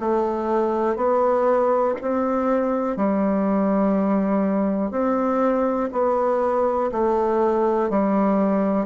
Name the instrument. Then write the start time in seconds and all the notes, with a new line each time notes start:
bassoon
0.00 A3
0.97 B3
2.01 C4
2.97 G3
4.91 C4
5.92 B3
6.92 A3
7.90 G3